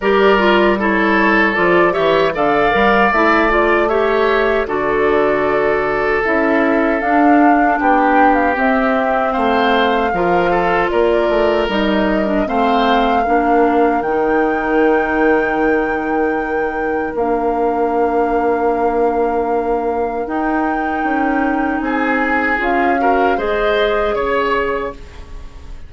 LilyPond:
<<
  \new Staff \with { instrumentName = "flute" } { \time 4/4 \tempo 4 = 77 d''4 cis''4 d''8 e''8 f''4 | e''8 d''8 e''4 d''2 | e''4 f''4 g''8. f''16 e''4 | f''2 d''4 dis''4 |
f''2 g''2~ | g''2 f''2~ | f''2 g''2 | gis''4 f''4 dis''4 cis''4 | }
  \new Staff \with { instrumentName = "oboe" } { \time 4/4 ais'4 a'4. cis''8 d''4~ | d''4 cis''4 a'2~ | a'2 g'2 | c''4 ais'8 a'8 ais'2 |
c''4 ais'2.~ | ais'1~ | ais'1 | gis'4. ais'8 c''4 cis''4 | }
  \new Staff \with { instrumentName = "clarinet" } { \time 4/4 g'8 f'8 e'4 f'8 g'8 a'8 ais'8 | e'8 f'8 g'4 fis'2 | e'4 d'2 c'4~ | c'4 f'2 dis'8. d'16 |
c'4 d'4 dis'2~ | dis'2 d'2~ | d'2 dis'2~ | dis'4 f'8 fis'8 gis'2 | }
  \new Staff \with { instrumentName = "bassoon" } { \time 4/4 g2 f8 e8 d8 g8 | a2 d2 | cis'4 d'4 b4 c'4 | a4 f4 ais8 a8 g4 |
a4 ais4 dis2~ | dis2 ais2~ | ais2 dis'4 cis'4 | c'4 cis'4 gis4 cis4 | }
>>